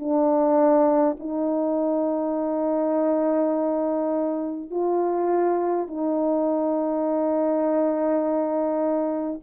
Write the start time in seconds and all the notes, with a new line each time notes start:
0.00 D4
1.20 D#4
4.71 F4
5.88 D#4